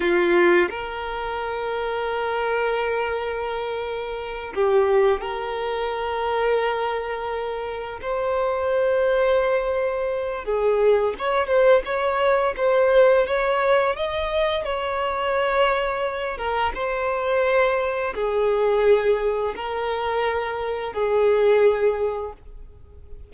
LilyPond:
\new Staff \with { instrumentName = "violin" } { \time 4/4 \tempo 4 = 86 f'4 ais'2.~ | ais'2~ ais'8 g'4 ais'8~ | ais'2.~ ais'8 c''8~ | c''2. gis'4 |
cis''8 c''8 cis''4 c''4 cis''4 | dis''4 cis''2~ cis''8 ais'8 | c''2 gis'2 | ais'2 gis'2 | }